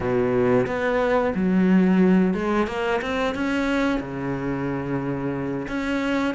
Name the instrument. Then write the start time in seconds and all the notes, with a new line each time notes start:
cello
0.00 B2
0.67 B3
1.34 F#3
2.33 G#3
2.67 A#3
3.02 C4
3.35 C#4
4.00 C#3
5.68 C#4